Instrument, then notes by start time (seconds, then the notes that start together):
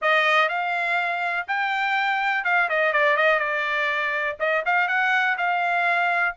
trumpet
0.01 D#5
0.49 F5
1.47 G5
2.44 F5
2.69 D#5
2.93 D5
3.16 D#5
3.39 D5
4.39 D#5
4.65 F5
4.88 F#5
5.37 F5